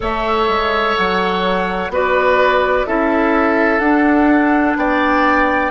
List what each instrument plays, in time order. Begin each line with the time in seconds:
0.00 bassoon A3, clarinet A4, oboe C#5, flute E5
0.48 bassoon G#3
0.96 bassoon F#3, flute F#5
1.89 bassoon B3, clarinet F#4, oboe B4, flute D5
2.86 bassoon C#4, clarinet E4, oboe A4, flute E5
3.78 bassoon D4, clarinet D4, flute F#5
4.76 bassoon B3, oboe D5, flute G5